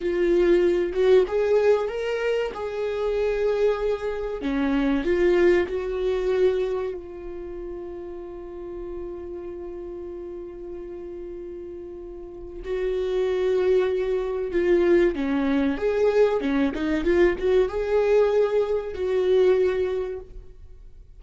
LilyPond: \new Staff \with { instrumentName = "viola" } { \time 4/4 \tempo 4 = 95 f'4. fis'8 gis'4 ais'4 | gis'2. cis'4 | f'4 fis'2 f'4~ | f'1~ |
f'1 | fis'2. f'4 | cis'4 gis'4 cis'8 dis'8 f'8 fis'8 | gis'2 fis'2 | }